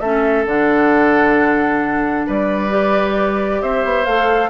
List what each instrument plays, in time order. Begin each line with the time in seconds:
0.00 bassoon A3, clarinet C#4, oboe A4, flute E5
0.46 bassoon D3, clarinet D4, flute F#5
2.27 bassoon G3, oboe B4, flute D5
2.70 clarinet G4
3.62 bassoon C4, oboe C5, flute E5
3.84 bassoon B3
4.06 bassoon A3, clarinet A4, flute F5